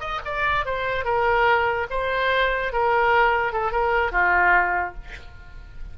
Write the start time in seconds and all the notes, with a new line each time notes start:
0.00 D#5
0.25 D5
0.66 C5
1.05 A#4
1.91 C5
2.73 A#4
3.53 A4
3.72 A#4
4.12 F4